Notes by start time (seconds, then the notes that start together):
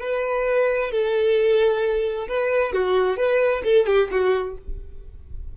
0.00 B4
0.91 A4
2.28 B4
2.73 F#4
3.16 B4
3.63 A4
3.86 G4
4.11 F#4